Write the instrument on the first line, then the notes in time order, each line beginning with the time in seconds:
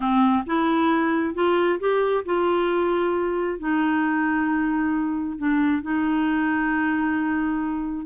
clarinet
0.00 C4
0.46 E4
1.34 F4
1.79 G4
2.25 F4
3.59 D#4
5.38 D4
5.82 D#4